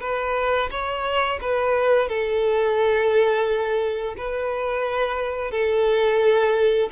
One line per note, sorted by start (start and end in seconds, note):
0.00 0.69 B4
0.70 1.39 C#5
1.41 2.08 B4
2.08 4.15 A4
4.17 5.51 B4
5.51 6.89 A4